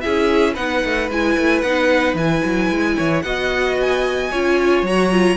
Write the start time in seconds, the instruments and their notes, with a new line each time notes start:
0.00 viola E4, violin G#4 E5
0.06 cello C#4
0.53 cello B3, viola D#4, violin B4 F#5
0.84 cello A3
1.09 cello G#3, viola E4, violin G#5
1.37 cello A3
1.61 cello B3, viola D#4, violin F#5
2.14 cello E3, viola E4, violin G#5
2.44 cello F#3
2.70 cello G#3
2.97 cello E3, violin C#5
3.21 cello B3, viola F#4, violin D#5 F#5
3.80 violin G#5
4.31 cello C#4, viola F4, violin C#5
4.82 cello F#3, viola F#4, violin A#5
5.10 viola F4